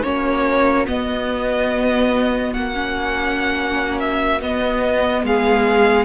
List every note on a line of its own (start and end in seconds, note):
0.00 0.87 A#3
0.00 0.87 C#4
0.00 5.21 F#4
0.00 0.86 C#5
0.87 2.74 B3
0.87 2.55 B3
0.87 2.53 D#5
2.53 4.41 A#3
2.53 3.99 F#5
2.74 4.40 C#4
3.99 4.41 E5
4.40 6.05 B3
4.40 5.23 B3
4.40 5.24 D#5
5.23 6.05 G#3
5.23 6.05 G#4
5.23 6.05 F5